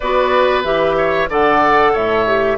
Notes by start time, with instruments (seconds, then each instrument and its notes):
0.00 bassoon B3, clarinet F#4, oboe B4, flute D5
0.63 bassoon E3, clarinet G4, flute E5
0.97 oboe C#5
1.29 bassoon D3, clarinet A4, oboe D5, flute F#5
1.92 bassoon A2, oboe C#5, flute E5
2.26 clarinet G4